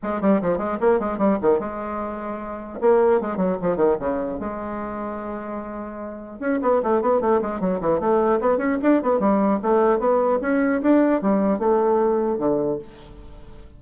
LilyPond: \new Staff \with { instrumentName = "bassoon" } { \time 4/4 \tempo 4 = 150 gis8 g8 f8 gis8 ais8 gis8 g8 dis8 | gis2. ais4 | gis8 fis8 f8 dis8 cis4 gis4~ | gis1 |
cis'8 b8 a8 b8 a8 gis8 fis8 e8 | a4 b8 cis'8 d'8 b8 g4 | a4 b4 cis'4 d'4 | g4 a2 d4 | }